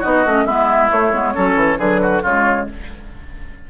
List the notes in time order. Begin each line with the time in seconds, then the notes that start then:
0.00 B3 D#4 F#4 D#5
0.25 A3 C#4
0.45 G#3 B3 E4 E5
0.89 A3 C#5
1.12 G#3 B3
1.34 F#3 C#4 A4
1.56 E3
1.78 D3 F#3 G#4 B4
2.01 F#4
2.22 C#3 G#3 F4 C#5